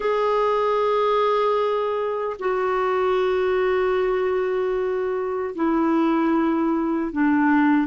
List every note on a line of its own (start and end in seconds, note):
0.00 2.36 G#4
2.39 5.54 F#4
5.55 7.12 E4
7.12 7.87 D4